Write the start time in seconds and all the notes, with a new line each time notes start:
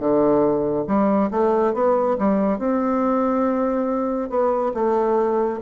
0.00 D3
0.88 G3
1.31 A3
1.74 B3
2.19 G3
2.59 C4
4.30 B3
4.75 A3